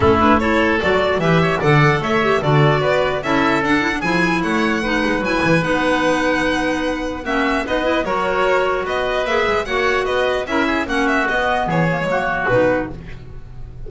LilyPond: <<
  \new Staff \with { instrumentName = "violin" } { \time 4/4 \tempo 4 = 149 a'8 b'8 cis''4 d''4 e''4 | fis''4 e''4 d''2 | e''4 fis''4 gis''4 fis''4~ | fis''4 gis''4 fis''2~ |
fis''2 e''4 dis''4 | cis''2 dis''4 e''4 | fis''4 dis''4 e''4 fis''8 e''8 | dis''4 cis''2 b'4 | }
  \new Staff \with { instrumentName = "oboe" } { \time 4/4 e'4 a'2 b'8 cis''8 | d''4 cis''4 a'4 b'4 | a'2 gis'4 cis''4 | b'1~ |
b'2 fis'4 b'4 | ais'2 b'2 | cis''4 b'4 ais'8 gis'8 fis'4~ | fis'4 gis'4 fis'2 | }
  \new Staff \with { instrumentName = "clarinet" } { \time 4/4 cis'8 d'8 e'4 fis'4 g'4 | a'4. g'8 fis'2 | e'4 d'8 e'16 d'16 e'2 | dis'4 e'4 dis'2~ |
dis'2 cis'4 dis'8 e'8 | fis'2. gis'4 | fis'2 e'4 cis'4 | b4. ais16 gis16 ais4 dis'4 | }
  \new Staff \with { instrumentName = "double bass" } { \time 4/4 a2 fis4 e4 | d4 a4 d4 b4 | cis'4 d'4 f4 a4~ | a8 gis8 fis8 e8 b2~ |
b2 ais4 b4 | fis2 b4 ais8 gis8 | ais4 b4 cis'4 ais4 | b4 e4 fis4 b,4 | }
>>